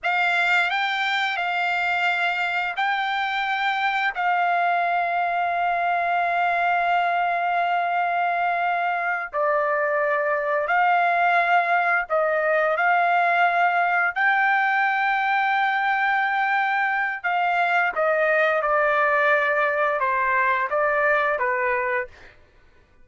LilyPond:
\new Staff \with { instrumentName = "trumpet" } { \time 4/4 \tempo 4 = 87 f''4 g''4 f''2 | g''2 f''2~ | f''1~ | f''4. d''2 f''8~ |
f''4. dis''4 f''4.~ | f''8 g''2.~ g''8~ | g''4 f''4 dis''4 d''4~ | d''4 c''4 d''4 b'4 | }